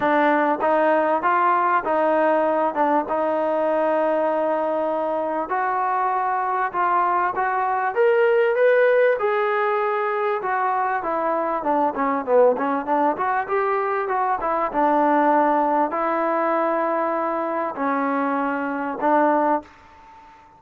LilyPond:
\new Staff \with { instrumentName = "trombone" } { \time 4/4 \tempo 4 = 98 d'4 dis'4 f'4 dis'4~ | dis'8 d'8 dis'2.~ | dis'4 fis'2 f'4 | fis'4 ais'4 b'4 gis'4~ |
gis'4 fis'4 e'4 d'8 cis'8 | b8 cis'8 d'8 fis'8 g'4 fis'8 e'8 | d'2 e'2~ | e'4 cis'2 d'4 | }